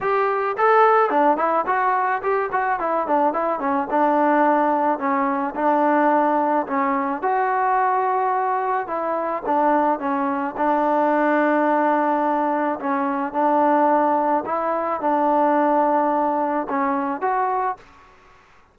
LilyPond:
\new Staff \with { instrumentName = "trombone" } { \time 4/4 \tempo 4 = 108 g'4 a'4 d'8 e'8 fis'4 | g'8 fis'8 e'8 d'8 e'8 cis'8 d'4~ | d'4 cis'4 d'2 | cis'4 fis'2. |
e'4 d'4 cis'4 d'4~ | d'2. cis'4 | d'2 e'4 d'4~ | d'2 cis'4 fis'4 | }